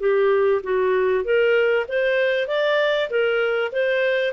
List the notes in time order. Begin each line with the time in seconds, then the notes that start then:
0.00 G4
0.63 F#4
1.24 A#4
1.88 C5
2.48 D5
3.10 A#4
3.72 C5